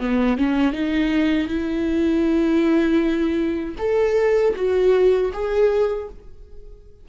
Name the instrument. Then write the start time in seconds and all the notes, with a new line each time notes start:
viola
0.00 B3
0.38 C#4
0.73 D#4
1.48 E4
3.78 A4
4.56 F#4
5.33 G#4